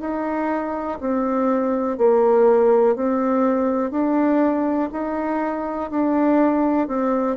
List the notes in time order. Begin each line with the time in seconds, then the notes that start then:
0.00 D#4
1.00 C4
1.97 A#3
2.95 C4
3.90 D4
4.92 D#4
5.90 D4
6.87 C4